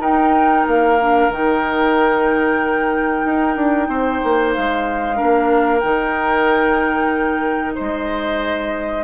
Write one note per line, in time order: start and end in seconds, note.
0.00 0.65 D#4
0.00 0.98 D#4
0.00 3.88 A#4
0.00 0.67 G5
0.68 1.30 A#3
0.68 1.33 F5
1.01 1.31 D4
1.30 3.23 D#3
1.30 5.16 D#4
1.30 4.54 G5
3.25 3.56 D#4
3.56 3.89 D4
3.89 4.21 C4
3.89 5.17 C5
4.24 4.56 A#3
4.54 5.22 G#3
4.54 5.80 F5
5.16 5.80 D4
5.16 7.75 A#4
5.22 5.84 A#3
5.80 7.77 D#3
5.80 9.04 D#4
5.80 7.73 G5
7.75 9.04 G#3
7.75 9.04 C5
7.75 9.04 D#5